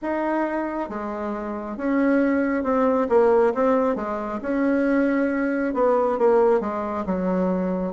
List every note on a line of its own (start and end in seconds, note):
0.02 0.89 D#4
0.89 1.76 G#3
1.76 2.63 C#4
2.63 3.07 C4
3.09 3.53 A#3
3.54 3.95 C4
3.95 4.39 G#3
4.42 5.74 C#4
5.74 6.18 B3
6.18 6.60 A#3
6.60 7.04 G#3
7.05 7.93 F#3